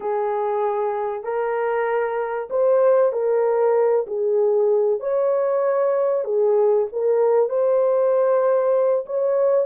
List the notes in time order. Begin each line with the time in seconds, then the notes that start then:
0.00 G#4
1.23 A#4
2.50 C5
3.12 A#4
4.07 G#4
4.99 C#5
6.24 G#4
6.92 A#4
7.49 C5
9.06 C#5